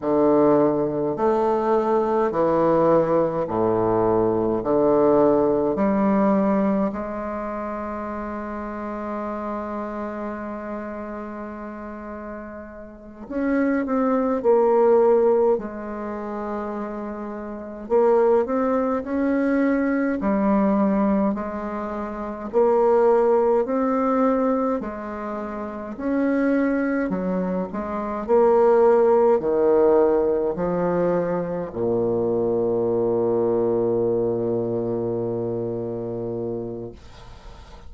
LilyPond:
\new Staff \with { instrumentName = "bassoon" } { \time 4/4 \tempo 4 = 52 d4 a4 e4 a,4 | d4 g4 gis2~ | gis2.~ gis8 cis'8 | c'8 ais4 gis2 ais8 |
c'8 cis'4 g4 gis4 ais8~ | ais8 c'4 gis4 cis'4 fis8 | gis8 ais4 dis4 f4 ais,8~ | ais,1 | }